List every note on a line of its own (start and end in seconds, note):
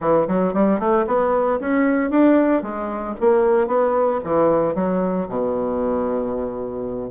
0.00 0.27 E3
0.27 0.53 F#3
0.53 0.79 G3
0.79 1.05 A3
1.06 1.59 B3
1.59 2.10 C#4
2.10 2.62 D4
2.62 3.15 G#3
3.20 3.67 A#3
3.67 4.19 B3
4.24 4.75 E3
4.75 5.27 F#3
5.28 7.10 B2